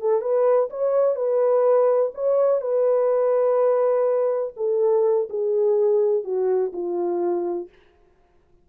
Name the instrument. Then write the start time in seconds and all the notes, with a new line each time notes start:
horn
0.00 A4
0.21 B4
0.70 C#5
1.15 B4
2.14 C#5
2.61 B4
4.56 A4
5.29 G#4
6.24 F#4
6.72 F4